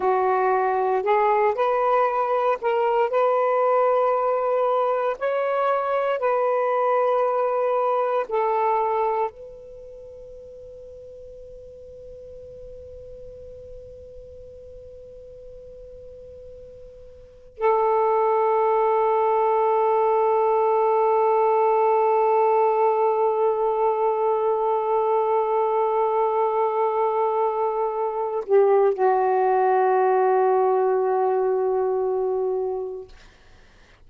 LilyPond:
\new Staff \with { instrumentName = "saxophone" } { \time 4/4 \tempo 4 = 58 fis'4 gis'8 b'4 ais'8 b'4~ | b'4 cis''4 b'2 | a'4 b'2.~ | b'1~ |
b'4 a'2.~ | a'1~ | a'2.~ a'8 g'8 | fis'1 | }